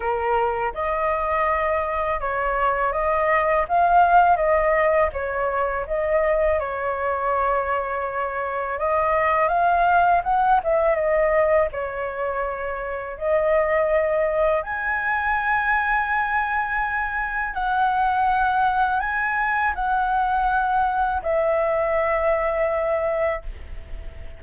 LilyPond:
\new Staff \with { instrumentName = "flute" } { \time 4/4 \tempo 4 = 82 ais'4 dis''2 cis''4 | dis''4 f''4 dis''4 cis''4 | dis''4 cis''2. | dis''4 f''4 fis''8 e''8 dis''4 |
cis''2 dis''2 | gis''1 | fis''2 gis''4 fis''4~ | fis''4 e''2. | }